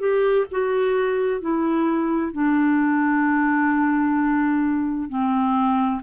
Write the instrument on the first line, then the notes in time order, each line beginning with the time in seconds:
clarinet
0.00 G4
0.52 F#4
1.41 E4
2.33 D4
5.09 C4